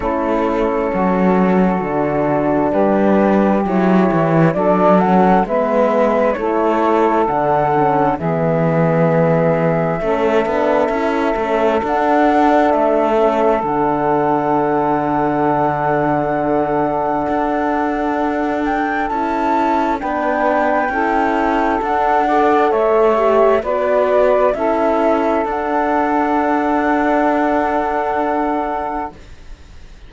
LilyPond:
<<
  \new Staff \with { instrumentName = "flute" } { \time 4/4 \tempo 4 = 66 a'2. b'4 | cis''4 d''8 fis''8 e''4 cis''4 | fis''4 e''2.~ | e''4 fis''4 e''4 fis''4~ |
fis''1~ | fis''8 g''8 a''4 g''2 | fis''4 e''4 d''4 e''4 | fis''1 | }
  \new Staff \with { instrumentName = "saxophone" } { \time 4/4 e'4 fis'2 g'4~ | g'4 a'4 b'4 a'4~ | a'4 gis'2 a'4~ | a'1~ |
a'1~ | a'2 b'4 a'4~ | a'8 d''8 cis''4 b'4 a'4~ | a'1 | }
  \new Staff \with { instrumentName = "horn" } { \time 4/4 cis'2 d'2 | e'4 d'8 cis'8 b4 e'4 | d'8 cis'8 b2 cis'8 d'8 | e'8 cis'8 d'4. cis'8 d'4~ |
d'1~ | d'4 e'4 d'4 e'4 | d'8 a'4 g'8 fis'4 e'4 | d'1 | }
  \new Staff \with { instrumentName = "cello" } { \time 4/4 a4 fis4 d4 g4 | fis8 e8 fis4 gis4 a4 | d4 e2 a8 b8 | cis'8 a8 d'4 a4 d4~ |
d2. d'4~ | d'4 cis'4 b4 cis'4 | d'4 a4 b4 cis'4 | d'1 | }
>>